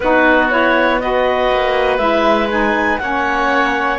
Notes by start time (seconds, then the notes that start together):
0.00 B3 D#4 F#4 B4
0.50 E4 C#5
0.99 F#4 B4 D#5
1.50 A#3
1.97 G#3 E4 E5
2.49 D#4 G#5
2.98 A#3 C#4 C#5 F#5